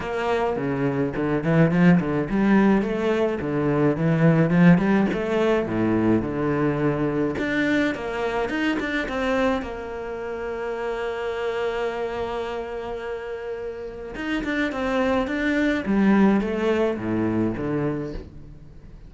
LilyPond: \new Staff \with { instrumentName = "cello" } { \time 4/4 \tempo 4 = 106 ais4 cis4 d8 e8 f8 d8 | g4 a4 d4 e4 | f8 g8 a4 a,4 d4~ | d4 d'4 ais4 dis'8 d'8 |
c'4 ais2.~ | ais1~ | ais4 dis'8 d'8 c'4 d'4 | g4 a4 a,4 d4 | }